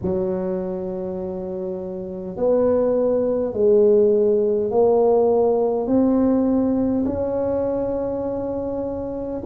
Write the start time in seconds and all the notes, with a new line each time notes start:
0.02 F#3
2.36 B3
3.53 G#3
4.71 A#3
5.86 C4
7.05 C#4